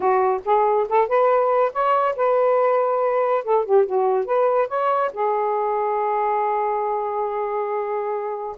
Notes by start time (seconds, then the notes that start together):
0.00 F#4
0.44 G#4
0.89 A4
1.08 B4
1.72 C#5
2.15 B4
3.44 A4
3.65 G4
3.86 F#4
4.25 B4
4.68 C#5
5.13 G#4